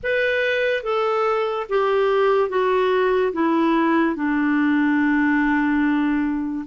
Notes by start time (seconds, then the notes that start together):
0.03 B4
0.83 A4
1.69 G4
2.49 F#4
3.32 E4
4.15 D4